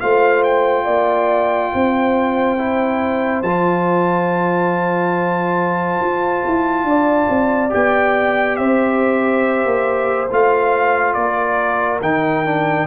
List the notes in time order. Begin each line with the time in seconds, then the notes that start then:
0.00 A3 F4 C5 F5
0.44 G5
0.84 A#3 D5
1.74 C4 C5
2.58 E4
3.42 F3 F4 A5
6.00 F4
6.46 E4
6.84 D4 D5
7.29 C4
7.70 B3 G4 G5
8.56 C4 C5 E5
9.65 A#3
10.30 A3 F4 F5
11.13 A#3 A#4 D5
12.01 D#3 D#4 G5
12.45 D4